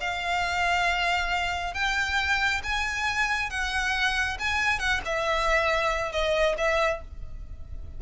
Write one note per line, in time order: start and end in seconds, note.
0.00 1.74 F5
1.74 2.61 G5
2.63 3.50 G#5
3.50 4.37 F#5
4.39 4.79 G#5
4.79 5.01 F#5
5.05 6.12 E5
6.12 6.55 D#5
6.57 7.01 E5